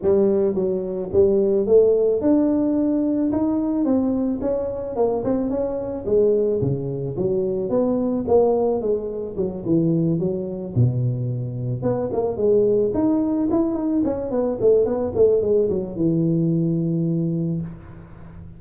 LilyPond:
\new Staff \with { instrumentName = "tuba" } { \time 4/4 \tempo 4 = 109 g4 fis4 g4 a4 | d'2 dis'4 c'4 | cis'4 ais8 c'8 cis'4 gis4 | cis4 fis4 b4 ais4 |
gis4 fis8 e4 fis4 b,8~ | b,4. b8 ais8 gis4 dis'8~ | dis'8 e'8 dis'8 cis'8 b8 a8 b8 a8 | gis8 fis8 e2. | }